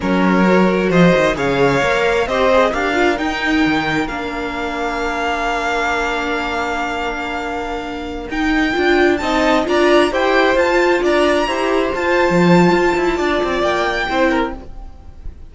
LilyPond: <<
  \new Staff \with { instrumentName = "violin" } { \time 4/4 \tempo 4 = 132 cis''2 dis''4 f''4~ | f''4 dis''4 f''4 g''4~ | g''4 f''2.~ | f''1~ |
f''2~ f''16 g''4.~ g''16~ | g''16 a''4 ais''4 g''4 a''8.~ | a''16 ais''2 a''4.~ a''16~ | a''2 g''2 | }
  \new Staff \with { instrumentName = "violin" } { \time 4/4 ais'2 c''4 cis''4~ | cis''4 c''4 ais'2~ | ais'1~ | ais'1~ |
ais'1~ | ais'16 dis''4 d''4 c''4.~ c''16~ | c''16 d''4 c''2~ c''8.~ | c''4 d''2 c''8 ais'8 | }
  \new Staff \with { instrumentName = "viola" } { \time 4/4 cis'4 fis'2 gis'4 | ais'4 g'8 gis'8 g'8 f'8 dis'4~ | dis'4 d'2.~ | d'1~ |
d'2~ d'16 dis'4 f'8.~ | f'16 dis'4 f'4 g'4 f'8.~ | f'4~ f'16 g'4 f'4.~ f'16~ | f'2. e'4 | }
  \new Staff \with { instrumentName = "cello" } { \time 4/4 fis2 f8 dis8 cis4 | ais4 c'4 d'4 dis'4 | dis4 ais2.~ | ais1~ |
ais2~ ais16 dis'4 d'8.~ | d'16 c'4 d'4 e'4 f'8.~ | f'16 d'4 e'4 f'8. f4 | f'8 e'8 d'8 c'8 ais4 c'4 | }
>>